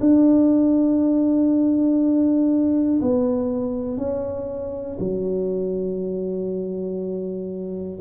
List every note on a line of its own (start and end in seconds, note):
0.00 3.00 D4
3.01 3.97 B3
3.97 4.97 C#4
4.99 7.99 F#3